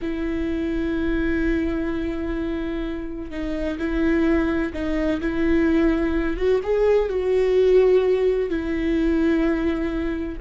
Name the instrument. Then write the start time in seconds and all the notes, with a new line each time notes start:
viola
0.01 E4
3.30 D#4
3.78 E4
4.73 D#4
5.21 E4
6.36 F#4
6.63 G#4
7.09 F#4
8.49 E4